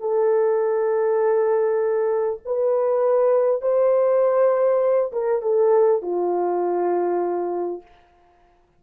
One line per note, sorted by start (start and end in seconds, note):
0.00 2.40 A4
2.45 3.62 B4
3.62 5.12 C5
5.12 5.42 A#4
5.42 6.02 A4
6.02 7.82 F4